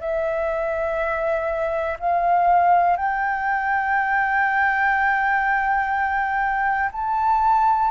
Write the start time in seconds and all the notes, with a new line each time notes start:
0.00 E5
1.99 F5
2.96 G5
6.92 A5